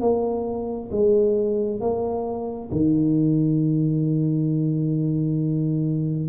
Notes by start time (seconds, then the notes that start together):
0.00 A#3
0.91 G#3
1.80 A#3
2.71 D#3